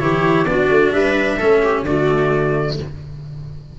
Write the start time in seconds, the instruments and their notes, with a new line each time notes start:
0.00 tuba E3, cello E4, viola G4, trumpet C#5
0.45 tuba B3, cello D4, viola F#4, trumpet D5
0.71 tuba A3
0.93 tuba G3, viola B4, trumpet E5
1.37 tuba A3, cello C#4, viola A4
1.63 viola G4
1.82 tuba D3, cello A3, viola F#4, trumpet D5